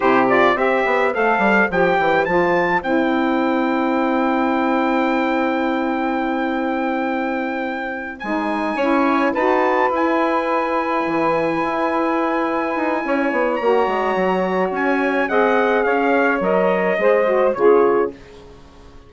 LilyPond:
<<
  \new Staff \with { instrumentName = "trumpet" } { \time 4/4 \tempo 4 = 106 c''8 d''8 e''4 f''4 g''4 | a''4 g''2.~ | g''1~ | g''2~ g''8 gis''4.~ |
gis''8 a''4 gis''2~ gis''8~ | gis''1 | ais''2 gis''4 fis''4 | f''4 dis''2 cis''4 | }
  \new Staff \with { instrumentName = "saxophone" } { \time 4/4 g'4 c''2.~ | c''1~ | c''1~ | c''2.~ c''8 cis''8~ |
cis''8 b'2.~ b'8~ | b'2. cis''4~ | cis''2. dis''4 | cis''2 c''4 gis'4 | }
  \new Staff \with { instrumentName = "saxophone" } { \time 4/4 e'8 f'8 g'4 a'4 g'4 | f'4 e'2.~ | e'1~ | e'2~ e'8 dis'4 e'8~ |
e'8 fis'4 e'2~ e'8~ | e'1 | fis'2. gis'4~ | gis'4 ais'4 gis'8 fis'8 f'4 | }
  \new Staff \with { instrumentName = "bassoon" } { \time 4/4 c4 c'8 b8 a8 g8 f8 e8 | f4 c'2.~ | c'1~ | c'2~ c'8 gis4 cis'8~ |
cis'8 dis'4 e'2 e8~ | e8 e'2 dis'8 cis'8 b8 | ais8 gis8 fis4 cis'4 c'4 | cis'4 fis4 gis4 cis4 | }
>>